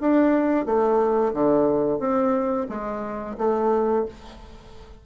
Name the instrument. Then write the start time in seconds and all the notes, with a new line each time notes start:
bassoon
0.00 D4
0.65 A3
1.33 D3
1.99 C4
2.69 G#3
3.37 A3